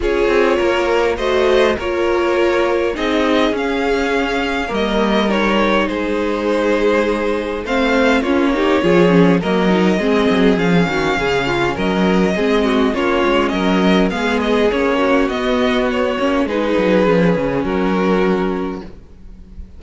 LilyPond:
<<
  \new Staff \with { instrumentName = "violin" } { \time 4/4 \tempo 4 = 102 cis''2 dis''4 cis''4~ | cis''4 dis''4 f''2 | dis''4 cis''4 c''2~ | c''4 f''4 cis''2 |
dis''2 f''2 | dis''2 cis''4 dis''4 | f''8 dis''8 cis''4 dis''4 cis''4 | b'2 ais'2 | }
  \new Staff \with { instrumentName = "violin" } { \time 4/4 gis'4 ais'4 c''4 ais'4~ | ais'4 gis'2. | ais'2 gis'2~ | gis'4 c''4 f'8 g'8 gis'4 |
ais'4 gis'4. fis'8 gis'8 f'8 | ais'4 gis'8 fis'8 f'4 ais'4 | gis'4. fis'2~ fis'8 | gis'2 fis'2 | }
  \new Staff \with { instrumentName = "viola" } { \time 4/4 f'2 fis'4 f'4~ | f'4 dis'4 cis'2 | ais4 dis'2.~ | dis'4 c'4 cis'8 dis'8 f'8 cis'8 |
ais8 dis'8 c'4 cis'2~ | cis'4 c'4 cis'2 | b4 cis'4 b4. cis'8 | dis'4 cis'2. | }
  \new Staff \with { instrumentName = "cello" } { \time 4/4 cis'8 c'8 ais4 a4 ais4~ | ais4 c'4 cis'2 | g2 gis2~ | gis4 a4 ais4 f4 |
fis4 gis8 fis8 f8 dis8 cis4 | fis4 gis4 ais8 gis8 fis4 | gis4 ais4 b4. ais8 | gis8 fis8 f8 cis8 fis2 | }
>>